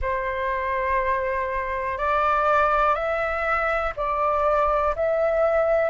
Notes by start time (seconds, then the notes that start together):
0.01 C5
1.98 D5
2.94 E5
3.96 D5
4.95 E5